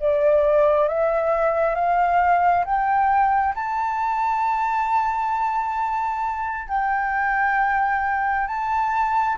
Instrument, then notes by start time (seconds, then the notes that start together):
flute
0.00 D5
0.88 E5
1.75 F5
2.65 G5
3.55 A5
6.68 G5
8.48 A5